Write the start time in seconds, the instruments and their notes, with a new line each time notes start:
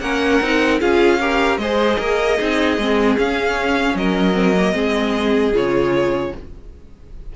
0.00 cello A#3, viola C#4, violin A#4 F#5
0.41 cello C4, viola D#4
0.80 cello C#4, viola F4, violin G#4 F5
1.20 viola G4, violin A#4
1.57 cello G#3, viola G#4, violin C5 D#5
1.98 cello A#3, violin A#4
2.37 cello C4, viola D#4, violin G#4
2.77 cello G#3, viola C4
3.17 viola C#4, cello C#4, violin F5
3.94 cello F#3, violin A#4 D#5
4.33 viola C4
4.56 viola A#3
4.72 cello G#3, viola C4, violin G#4
5.53 cello C#3, viola F4, violin C#5